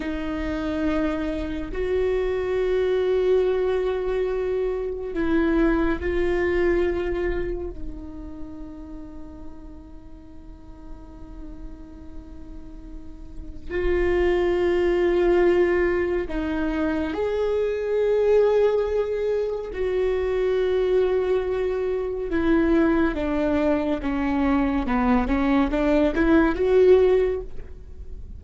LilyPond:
\new Staff \with { instrumentName = "viola" } { \time 4/4 \tempo 4 = 70 dis'2 fis'2~ | fis'2 e'4 f'4~ | f'4 dis'2.~ | dis'1 |
f'2. dis'4 | gis'2. fis'4~ | fis'2 e'4 d'4 | cis'4 b8 cis'8 d'8 e'8 fis'4 | }